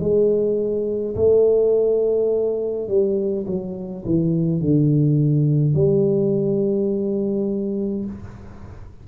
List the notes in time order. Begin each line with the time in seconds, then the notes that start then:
0.00 G#3
1.16 A3
2.88 G3
3.47 F#3
4.06 E3
4.61 D3
5.75 G3